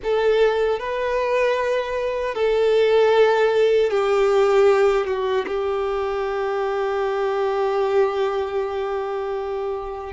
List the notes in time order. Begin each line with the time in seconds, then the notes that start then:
0.03 A4
0.79 B4
2.34 A4
3.90 G4
5.06 F#4
5.47 G4